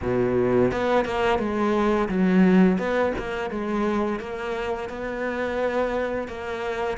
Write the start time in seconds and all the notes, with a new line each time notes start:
0.02 B2
0.71 B3
1.05 A#3
1.38 G#3
2.09 F#3
2.77 B3
3.17 A#3
3.50 G#3
4.19 A#3
4.89 B3
6.28 A#3